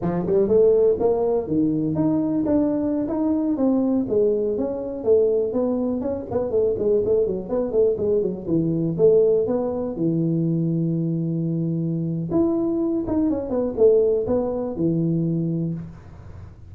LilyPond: \new Staff \with { instrumentName = "tuba" } { \time 4/4 \tempo 4 = 122 f8 g8 a4 ais4 dis4 | dis'4 d'4~ d'16 dis'4 c'8.~ | c'16 gis4 cis'4 a4 b8.~ | b16 cis'8 b8 a8 gis8 a8 fis8 b8 a16~ |
a16 gis8 fis8 e4 a4 b8.~ | b16 e2.~ e8.~ | e4 e'4. dis'8 cis'8 b8 | a4 b4 e2 | }